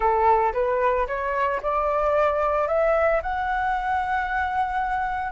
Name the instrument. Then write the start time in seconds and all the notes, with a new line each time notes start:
flute
0.00 A4
0.53 B4
1.07 C#5
1.62 D5
2.67 E5
3.22 F#5